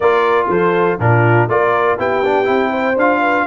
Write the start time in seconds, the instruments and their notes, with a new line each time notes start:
0.00 tuba A#3, trombone F4, horn A#4, trumpet D5
0.49 tuba F3, horn A4, trumpet C5
0.99 tuba A#2, trombone D4, horn F4, trumpet A#4
1.47 tuba A#3, trombone F4, horn A#4, trumpet D5
1.98 tuba B3, trombone E4, horn G4, trumpet G5
2.25 trombone D4
2.45 tuba C4, trombone E4
2.70 horn C5
2.96 tuba D4, trombone F4, trumpet F5
3.20 horn B4